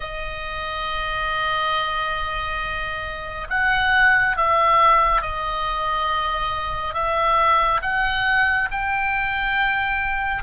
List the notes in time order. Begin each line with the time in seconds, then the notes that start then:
0.00 D#5
3.49 F#5
4.36 E5
5.21 D#5
6.94 E5
7.82 F#5
8.71 G5